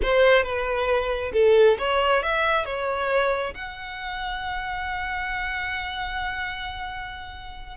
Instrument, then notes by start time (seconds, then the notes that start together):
violin
0.02 C5
0.43 B4
1.33 A4
1.78 C#5
2.23 E5
2.65 C#5
3.54 F#5